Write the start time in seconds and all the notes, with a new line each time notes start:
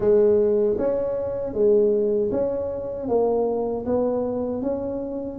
0.00 G#3
0.78 C#4
1.53 G#3
2.31 C#4
3.08 A#3
3.85 B3
4.62 C#4